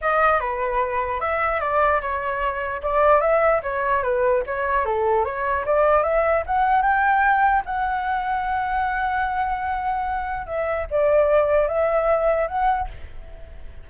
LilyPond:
\new Staff \with { instrumentName = "flute" } { \time 4/4 \tempo 4 = 149 dis''4 b'2 e''4 | d''4 cis''2 d''4 | e''4 cis''4 b'4 cis''4 | a'4 cis''4 d''4 e''4 |
fis''4 g''2 fis''4~ | fis''1~ | fis''2 e''4 d''4~ | d''4 e''2 fis''4 | }